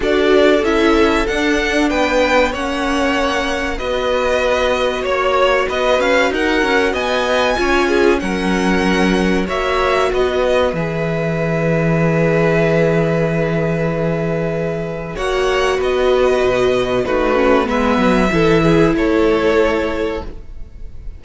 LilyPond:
<<
  \new Staff \with { instrumentName = "violin" } { \time 4/4 \tempo 4 = 95 d''4 e''4 fis''4 g''4 | fis''2 dis''2 | cis''4 dis''8 f''8 fis''4 gis''4~ | gis''4 fis''2 e''4 |
dis''4 e''2.~ | e''1 | fis''4 dis''2 b'4 | e''2 cis''2 | }
  \new Staff \with { instrumentName = "violin" } { \time 4/4 a'2. b'4 | cis''2 b'2 | cis''4 b'4 ais'4 dis''4 | cis''8 gis'8 ais'2 cis''4 |
b'1~ | b'1 | cis''4 b'2 fis'4 | b'4 a'8 gis'8 a'2 | }
  \new Staff \with { instrumentName = "viola" } { \time 4/4 fis'4 e'4 d'2 | cis'2 fis'2~ | fis'1 | f'4 cis'2 fis'4~ |
fis'4 gis'2.~ | gis'1 | fis'2. dis'8 cis'8 | b4 e'2. | }
  \new Staff \with { instrumentName = "cello" } { \time 4/4 d'4 cis'4 d'4 b4 | ais2 b2 | ais4 b8 cis'8 dis'8 cis'8 b4 | cis'4 fis2 ais4 |
b4 e2.~ | e1 | ais4 b4 b,4 a4 | gis8 fis8 e4 a2 | }
>>